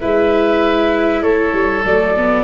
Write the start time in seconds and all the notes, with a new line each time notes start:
0.00 G#3 E4 B4 E5
1.22 A3 A4 C#5
1.53 G3
1.84 F#3 A3 D5
2.17 B3